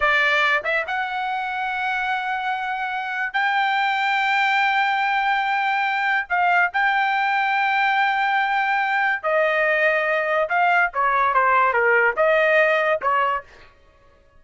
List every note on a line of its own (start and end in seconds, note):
0.00 0.63 D5
0.64 0.85 E5
0.87 3.33 F#5
3.33 6.27 G5
6.29 6.71 F5
6.73 9.23 G5
9.23 10.48 D#5
10.49 10.91 F5
10.93 11.34 C#5
11.34 11.73 C5
11.73 12.15 A#4
12.16 13.00 D#5
13.01 13.43 C#5